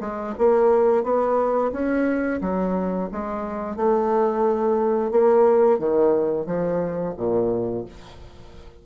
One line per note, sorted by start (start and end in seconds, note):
0.00 0.34 G#3
0.38 1.03 A#3
1.03 1.71 B3
1.72 2.40 C#4
2.41 3.09 F#3
3.11 3.76 G#3
3.76 5.11 A3
5.11 5.78 A#3
5.78 6.46 D#3
6.46 7.14 F3
7.17 7.85 A#2